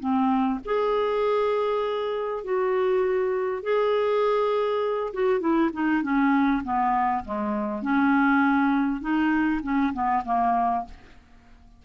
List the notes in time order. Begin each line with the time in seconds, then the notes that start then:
0.00 C4
0.65 G#4
2.44 F#4
3.63 G#4
5.14 F#4
5.40 E4
5.73 D#4
6.03 C#4
6.64 B3
7.25 G#3
7.82 C#4
9.01 D#4
9.63 C#4
9.94 B3
10.25 A#3